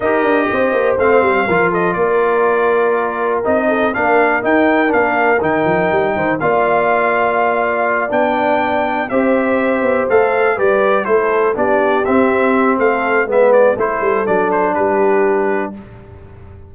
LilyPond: <<
  \new Staff \with { instrumentName = "trumpet" } { \time 4/4 \tempo 4 = 122 dis''2 f''4. dis''8 | d''2. dis''4 | f''4 g''4 f''4 g''4~ | g''4 f''2.~ |
f''8 g''2 e''4.~ | e''8 f''4 d''4 c''4 d''8~ | d''8 e''4. f''4 e''8 d''8 | c''4 d''8 c''8 b'2 | }
  \new Staff \with { instrumentName = "horn" } { \time 4/4 ais'4 c''2 ais'8 a'8 | ais'2.~ ais'8 a'8 | ais'1~ | ais'8 c''8 d''2.~ |
d''2~ d''8 c''4.~ | c''4. b'4 a'4 g'8~ | g'2 a'4 b'4 | a'2 g'2 | }
  \new Staff \with { instrumentName = "trombone" } { \time 4/4 g'2 c'4 f'4~ | f'2. dis'4 | d'4 dis'4 d'4 dis'4~ | dis'4 f'2.~ |
f'8 d'2 g'4.~ | g'8 a'4 g'4 e'4 d'8~ | d'8 c'2~ c'8 b4 | e'4 d'2. | }
  \new Staff \with { instrumentName = "tuba" } { \time 4/4 dis'8 d'8 c'8 ais8 a8 g8 f4 | ais2. c'4 | ais4 dis'4 ais4 dis8 f8 | g8 dis8 ais2.~ |
ais8 b2 c'4. | b8 a4 g4 a4 b8~ | b8 c'4. a4 gis4 | a8 g8 fis4 g2 | }
>>